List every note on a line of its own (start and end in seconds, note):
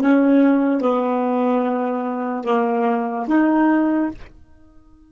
0.00 0.81 C#4
0.81 2.44 B3
2.44 3.27 A#3
3.27 4.09 D#4